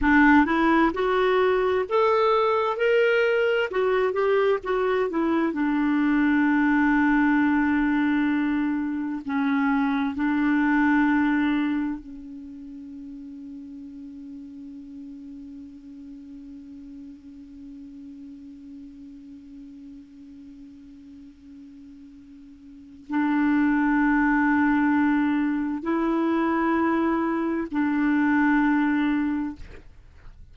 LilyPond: \new Staff \with { instrumentName = "clarinet" } { \time 4/4 \tempo 4 = 65 d'8 e'8 fis'4 a'4 ais'4 | fis'8 g'8 fis'8 e'8 d'2~ | d'2 cis'4 d'4~ | d'4 cis'2.~ |
cis'1~ | cis'1~ | cis'4 d'2. | e'2 d'2 | }